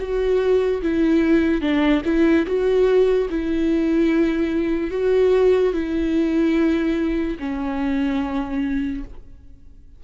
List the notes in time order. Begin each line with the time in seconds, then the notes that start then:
0.00 F#4
0.83 E4
1.61 D4
2.05 E4
2.47 F#4
3.30 E4
4.91 F#4
5.74 E4
7.40 C#4